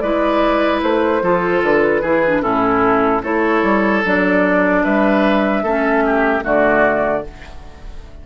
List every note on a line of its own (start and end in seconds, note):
0.00 0.82 G#3
0.00 1.23 E4
0.00 1.23 B4
0.00 0.80 D5
0.83 1.22 A3
0.83 1.63 C5
1.22 1.62 F3
1.22 2.03 F4
1.22 2.02 A4
1.63 2.02 D3
1.63 2.42 B4
2.02 2.42 E3
2.02 2.25 E4
2.02 2.42 G#4
2.27 2.42 D4
2.42 3.23 A2
2.42 3.22 C#4
2.42 3.22 E4
2.42 3.22 A4
3.23 3.63 A3
3.23 4.03 E4
3.23 4.83 A4
3.23 4.04 C#5
3.63 4.03 G3
4.04 4.84 F#3
4.04 5.66 D4
4.04 4.84 D5
4.84 5.63 G3
4.84 5.63 B4
4.84 6.44 E5
5.63 6.43 A3
5.63 6.42 C#4
5.63 6.03 A4
6.06 6.44 G4
6.42 7.25 D3
6.42 7.22 A3
6.42 7.24 F#4
6.42 7.26 D5